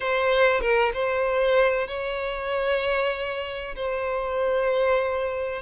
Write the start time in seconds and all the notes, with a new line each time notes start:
0.00 C5
0.61 A#4
0.93 C5
1.87 C#5
3.75 C5